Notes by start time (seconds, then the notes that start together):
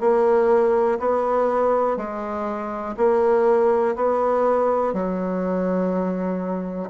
0.00 A#3
0.99 B3
1.97 G#3
2.97 A#3
3.95 B3
4.93 F#3